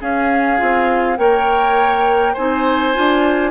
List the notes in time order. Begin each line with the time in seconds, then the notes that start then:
0.00 C#4 G#4 F5
0.57 C4 F4
1.17 A#3 A#4 C#5 G5
2.33 C4 D#4 C5 G#5
2.94 D4 F4